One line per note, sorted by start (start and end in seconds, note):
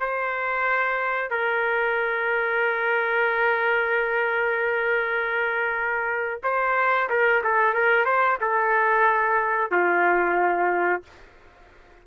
0.00 1.30 C5
1.30 6.41 A#4
6.43 7.09 C5
7.09 7.42 A#4
7.43 7.74 A4
7.74 8.05 A#4
8.05 8.38 C5
8.41 9.71 A4
9.71 11.03 F4